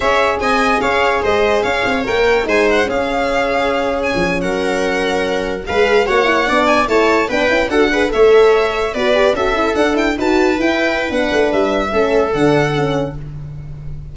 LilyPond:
<<
  \new Staff \with { instrumentName = "violin" } { \time 4/4 \tempo 4 = 146 e''4 gis''4 f''4 dis''4 | f''4 g''4 gis''8 fis''8 f''4~ | f''4.~ f''16 gis''4 fis''4~ fis''16~ | fis''4.~ fis''16 f''4 fis''4~ fis''16~ |
fis''16 gis''8 a''4 g''4 fis''4 e''16~ | e''4.~ e''16 d''4 e''4 fis''16~ | fis''16 g''8 a''4 g''4~ g''16 fis''4 | e''2 fis''2 | }
  \new Staff \with { instrumentName = "viola" } { \time 4/4 cis''4 dis''4 cis''4 c''4 | cis''2 c''4 gis'4~ | gis'2~ gis'8. ais'4~ ais'16~ | ais'4.~ ais'16 b'4 cis''4 d''16~ |
d''8. cis''4 b'4 a'8 b'8 cis''16~ | cis''4.~ cis''16 b'4 a'4~ a'16~ | a'8. b'2.~ b'16~ | b'4 a'2. | }
  \new Staff \with { instrumentName = "horn" } { \time 4/4 gis'1~ | gis'4 ais'4 dis'4 cis'4~ | cis'1~ | cis'4.~ cis'16 gis'4 fis'8 e'8 d'16~ |
d'8. e'4 d'8 e'8 fis'8 gis'8 a'16~ | a'4.~ a'16 fis'8 g'8 fis'8 e'8 d'16~ | d'16 e'8 fis'4 e'4~ e'16 d'4~ | d'4 cis'4 d'4 cis'4 | }
  \new Staff \with { instrumentName = "tuba" } { \time 4/4 cis'4 c'4 cis'4 gis4 | cis'8 c'8 ais4 gis4 cis'4~ | cis'2 f8. fis4~ fis16~ | fis4.~ fis16 gis4 ais4 b16~ |
b8. a4 b8 cis'8 d'4 a16~ | a4.~ a16 b4 cis'4 d'16~ | d'8. dis'4 e'4~ e'16 b8 a8 | g4 a4 d2 | }
>>